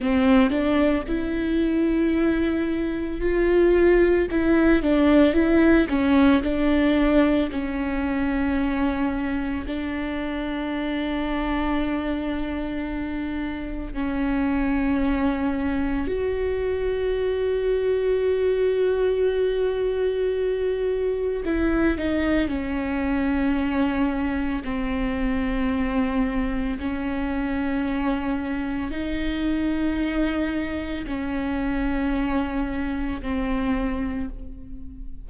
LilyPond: \new Staff \with { instrumentName = "viola" } { \time 4/4 \tempo 4 = 56 c'8 d'8 e'2 f'4 | e'8 d'8 e'8 cis'8 d'4 cis'4~ | cis'4 d'2.~ | d'4 cis'2 fis'4~ |
fis'1 | e'8 dis'8 cis'2 c'4~ | c'4 cis'2 dis'4~ | dis'4 cis'2 c'4 | }